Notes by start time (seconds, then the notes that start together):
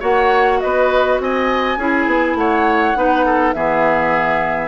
0.00 A#3 F#4 C#5 F#5
0.61 B3 B4 D#5
1.20 C4 D#5 G#5
1.77 C#4 E4 G#4
2.06 B3
2.35 A3 C#5 F#5
2.96 B3 D#4 B4
3.26 A4
3.53 E3 B3 G#4 E5